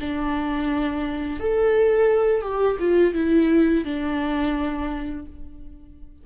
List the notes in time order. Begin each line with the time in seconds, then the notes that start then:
0.00 D4
1.40 A4
2.42 G4
2.79 F4
3.14 E4
3.84 D4